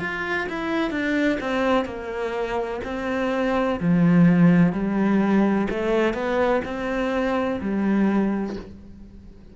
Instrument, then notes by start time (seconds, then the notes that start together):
cello
0.00 F4
0.49 E4
0.91 D4
1.41 C4
1.86 A#3
2.85 C4
3.81 F3
4.73 G3
5.70 A3
6.14 B3
6.65 C4
7.61 G3